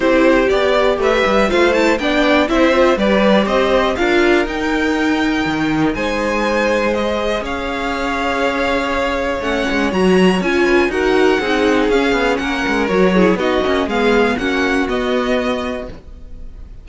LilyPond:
<<
  \new Staff \with { instrumentName = "violin" } { \time 4/4 \tempo 4 = 121 c''4 d''4 e''4 f''8 a''8 | g''4 e''4 d''4 dis''4 | f''4 g''2. | gis''2 dis''4 f''4~ |
f''2. fis''4 | ais''4 gis''4 fis''2 | f''4 fis''4 cis''4 dis''4 | f''4 fis''4 dis''2 | }
  \new Staff \with { instrumentName = "violin" } { \time 4/4 g'2 b'4 c''4 | d''4 c''4 b'4 c''4 | ais'1 | c''2. cis''4~ |
cis''1~ | cis''4. b'8 ais'4 gis'4~ | gis'4 ais'4. gis'8 fis'4 | gis'4 fis'2. | }
  \new Staff \with { instrumentName = "viola" } { \time 4/4 e'4 g'2 f'8 e'8 | d'4 e'8 f'8 g'2 | f'4 dis'2.~ | dis'2 gis'2~ |
gis'2. cis'4 | fis'4 f'4 fis'4 dis'4 | cis'2 fis'8 e'8 dis'8 cis'8 | b4 cis'4 b2 | }
  \new Staff \with { instrumentName = "cello" } { \time 4/4 c'4 b4 a8 g8 a4 | b4 c'4 g4 c'4 | d'4 dis'2 dis4 | gis2. cis'4~ |
cis'2. a8 gis8 | fis4 cis'4 dis'4 c'4 | cis'8 b8 ais8 gis8 fis4 b8 ais8 | gis4 ais4 b2 | }
>>